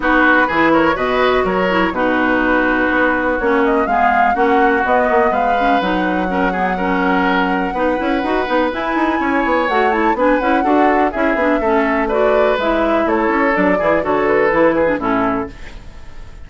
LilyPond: <<
  \new Staff \with { instrumentName = "flute" } { \time 4/4 \tempo 4 = 124 b'4. cis''8 dis''4 cis''4 | b'2. cis''8 dis''8 | f''4 fis''4 dis''4 f''4 | fis''1~ |
fis''2 gis''2 | fis''8 a''8 gis''8 fis''4. e''4~ | e''4 d''4 e''4 cis''4 | d''4 cis''8 b'4. a'4 | }
  \new Staff \with { instrumentName = "oboe" } { \time 4/4 fis'4 gis'8 ais'8 b'4 ais'4 | fis'1 | gis'4 fis'2 b'4~ | b'4 ais'8 gis'8 ais'2 |
b'2. cis''4~ | cis''4 b'4 a'4 gis'4 | a'4 b'2 a'4~ | a'8 gis'8 a'4. gis'8 e'4 | }
  \new Staff \with { instrumentName = "clarinet" } { \time 4/4 dis'4 e'4 fis'4. e'8 | dis'2. cis'4 | b4 cis'4 b4. cis'8 | dis'4 cis'8 b8 cis'2 |
dis'8 e'8 fis'8 dis'8 e'2 | fis'8 e'8 d'8 e'8 fis'4 e'8 d'8 | cis'4 fis'4 e'2 | d'8 e'8 fis'4 e'8. d'16 cis'4 | }
  \new Staff \with { instrumentName = "bassoon" } { \time 4/4 b4 e4 b,4 fis4 | b,2 b4 ais4 | gis4 ais4 b8 ais8 gis4 | fis1 |
b8 cis'8 dis'8 b8 e'8 dis'8 cis'8 b8 | a4 b8 cis'8 d'4 cis'8 b8 | a2 gis4 a8 cis'8 | fis8 e8 d4 e4 a,4 | }
>>